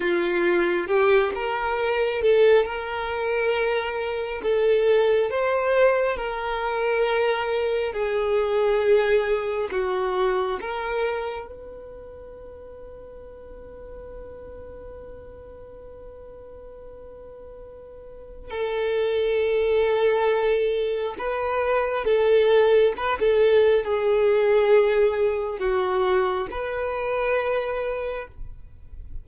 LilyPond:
\new Staff \with { instrumentName = "violin" } { \time 4/4 \tempo 4 = 68 f'4 g'8 ais'4 a'8 ais'4~ | ais'4 a'4 c''4 ais'4~ | ais'4 gis'2 fis'4 | ais'4 b'2.~ |
b'1~ | b'4 a'2. | b'4 a'4 b'16 a'8. gis'4~ | gis'4 fis'4 b'2 | }